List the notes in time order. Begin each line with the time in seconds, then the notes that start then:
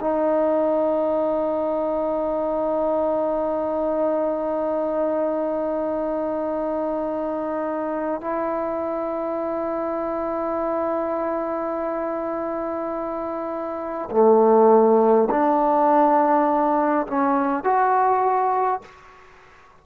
0.00 D#4
8.21 E4
14.11 A3
15.30 D4
17.06 C#4
17.64 F#4